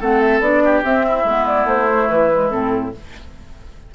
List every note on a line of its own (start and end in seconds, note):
0.00 0.39 A3
0.00 0.42 C4
0.00 0.62 A4
0.00 0.20 F#5
0.20 0.40 E5
0.39 0.81 B3
0.39 0.83 D4
0.39 0.82 D5
0.64 1.05 G4
0.83 1.25 C4
0.83 1.24 C4
0.83 1.46 E5
1.07 2.94 E4
1.24 1.64 G#3
1.24 1.88 B3
1.46 1.67 D5
1.64 2.06 A3
1.64 2.08 C5
1.90 2.30 A3
2.08 2.51 E3
2.08 2.50 B4
2.30 2.50 G#3
2.50 2.93 A2
2.50 2.92 C4
2.50 2.91 A4